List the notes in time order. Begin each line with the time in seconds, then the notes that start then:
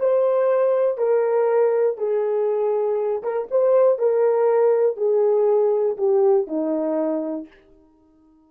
0.00 C5
0.98 A#4
1.98 G#4
3.23 A#4
3.51 C5
3.99 A#4
4.97 G#4
5.97 G4
6.47 D#4